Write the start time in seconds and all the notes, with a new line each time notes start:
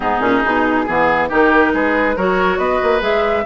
0.00 G#2 B3 D#4 G#4
0.20 A#2 C#4
0.44 B2 D#4
0.86 E3 B3 G#4
1.28 D#3 D#4 G4 A#4
1.73 G#3 G#4 B4
2.15 F#3 F#4 A#4 C#5
2.58 B3 B4 D#5
2.82 A#3
3.00 G#3 G#4 E5